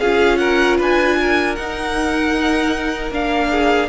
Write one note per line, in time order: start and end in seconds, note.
0.00 0.80 C#4
0.00 1.58 F4
0.00 0.39 G#4
0.00 0.38 F5
0.38 0.78 A#4
0.38 0.77 F#5
0.78 1.58 D4
0.78 1.17 B4
0.78 1.56 G#5
1.20 3.50 A#4
1.56 3.11 D#4
1.56 3.12 D#4
1.56 3.12 F#5
3.11 3.89 A#3
3.11 3.90 D4
3.11 3.90 F5
3.50 3.89 G#4